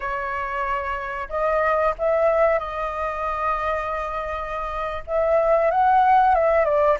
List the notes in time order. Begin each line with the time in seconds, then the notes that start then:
0.00 C#5
1.29 D#5
1.98 E5
2.59 D#5
5.06 E5
5.70 F#5
6.34 E5
6.65 D5